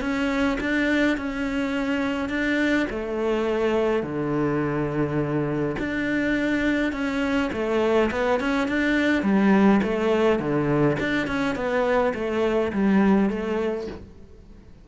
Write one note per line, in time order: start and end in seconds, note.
0.00 0.58 C#4
0.60 1.17 D4
1.17 2.29 C#4
2.29 2.86 D4
2.90 4.03 A3
4.03 5.76 D3
5.78 6.92 D4
6.92 7.50 C#4
7.53 8.10 A3
8.11 8.40 B3
8.40 8.68 C#4
8.68 9.23 D4
9.23 9.80 G3
9.82 10.39 A3
10.39 10.96 D3
10.99 11.27 D4
11.27 11.55 C#4
11.55 12.13 B3
12.14 12.72 A3
12.72 13.29 G3
13.29 13.87 A3